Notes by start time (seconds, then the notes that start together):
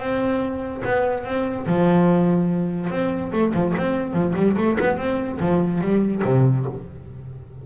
0.00 C4
0.85 B3
1.25 C4
1.67 F3
2.90 C4
3.33 A3
3.54 F3
3.78 C4
4.14 F3
4.36 G3
4.57 A3
4.80 B3
4.98 C4
5.40 F3
5.82 G3
6.25 C3